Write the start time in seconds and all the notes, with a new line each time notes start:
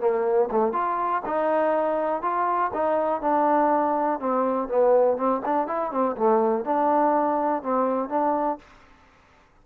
0.00 A#3
0.51 A3
0.73 F4
1.25 D#4
2.22 F4
2.73 D#4
3.21 D4
4.19 C4
4.68 B3
5.17 C4
5.45 D4
5.67 E4
5.91 C4
6.17 A3
6.64 D4
7.63 C4
8.09 D4